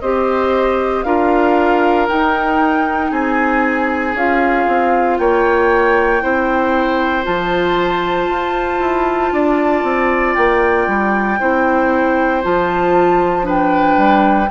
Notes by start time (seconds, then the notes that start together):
0.00 C4 G4 C5 D#5
1.03 D4 F4 A#4 F5
2.08 D#4 G5
3.10 C4 G#4 G#5
4.14 C#4 F4 F5
4.67 C4
5.17 A#3 C#5 G5
6.20 C4 E4 C5
7.23 F3 F4 A5
8.28 F4
8.79 E4
9.31 D4 D5
9.83 C4
10.35 A#3 G5
10.87 G3
11.39 C4 E4 C5
12.43 F3 F4 A5
13.42 D4 B4
13.48 G5
13.97 G3